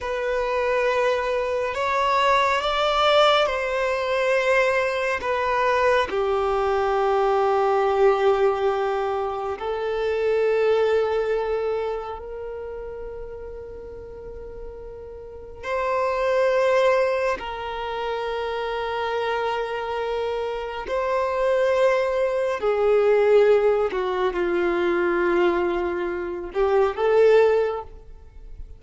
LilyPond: \new Staff \with { instrumentName = "violin" } { \time 4/4 \tempo 4 = 69 b'2 cis''4 d''4 | c''2 b'4 g'4~ | g'2. a'4~ | a'2 ais'2~ |
ais'2 c''2 | ais'1 | c''2 gis'4. fis'8 | f'2~ f'8 g'8 a'4 | }